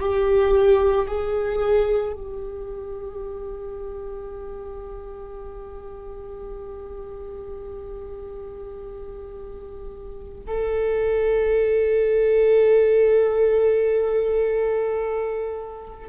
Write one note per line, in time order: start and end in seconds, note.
0.00 1.07 G4
1.08 2.13 G#4
2.13 10.44 G4
10.48 16.10 A4